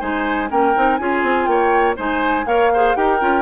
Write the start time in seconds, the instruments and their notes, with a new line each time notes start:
0.00 bassoon G#3, clarinet D#4, oboe C5, flute G#5
0.49 bassoon A#3, clarinet C#4, oboe A#4, flute G5
0.76 bassoon C4, clarinet D#4
0.96 bassoon C#4, clarinet F4, oboe G#4, flute G#5
1.23 bassoon C4
1.45 bassoon A#3, oboe C#5, flute G5
1.97 bassoon G#3, clarinet D#4, oboe C5, flute G#5
2.46 bassoon A#3, clarinet A#4, oboe C#5, flute F5
2.74 clarinet G#4, oboe C5
2.95 bassoon D#4, clarinet G4, oboe A#4, flute G5
3.20 bassoon C#4, clarinet F4